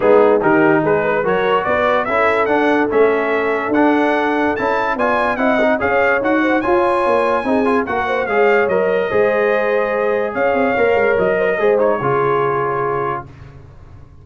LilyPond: <<
  \new Staff \with { instrumentName = "trumpet" } { \time 4/4 \tempo 4 = 145 gis'4 ais'4 b'4 cis''4 | d''4 e''4 fis''4 e''4~ | e''4 fis''2 a''4 | gis''4 fis''4 f''4 fis''4 |
gis''2. fis''4 | f''4 dis''2.~ | dis''4 f''2 dis''4~ | dis''8 cis''2.~ cis''8 | }
  \new Staff \with { instrumentName = "horn" } { \time 4/4 dis'4 g'4 gis'8 b'8 ais'4 | b'4 a'2.~ | a'1 | d''4 dis''4 cis''4. c''8 |
cis''2 gis'4 ais'8 c''8 | cis''2 c''2~ | c''4 cis''2~ cis''8 c''16 ais'16 | c''4 gis'2. | }
  \new Staff \with { instrumentName = "trombone" } { \time 4/4 b4 dis'2 fis'4~ | fis'4 e'4 d'4 cis'4~ | cis'4 d'2 e'4 | f'4 e'8 dis'8 gis'4 fis'4 |
f'2 dis'8 f'8 fis'4 | gis'4 ais'4 gis'2~ | gis'2 ais'2 | gis'8 dis'8 f'2. | }
  \new Staff \with { instrumentName = "tuba" } { \time 4/4 gis4 dis4 gis4 fis4 | b4 cis'4 d'4 a4~ | a4 d'2 cis'4 | b4 c'4 cis'4 dis'4 |
f'4 ais4 c'4 ais4 | gis4 fis4 gis2~ | gis4 cis'8 c'8 ais8 gis8 fis4 | gis4 cis2. | }
>>